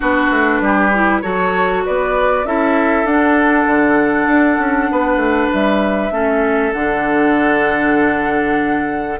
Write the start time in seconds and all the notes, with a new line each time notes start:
0.00 B3 D4 F#4 B4
0.30 A3
0.60 G3 G4
0.93 E4
1.21 F#3 F#4 A4 C#5
1.85 B3 B4 D5
2.44 C#4 E4 A4 E5
3.04 D4 F#5
3.66 D3
4.26 D4
4.58 C#4
4.91 B3 B4
5.16 A3
5.52 G3 E5
6.11 A3 C#4 A4
6.72 D3 D4 F#5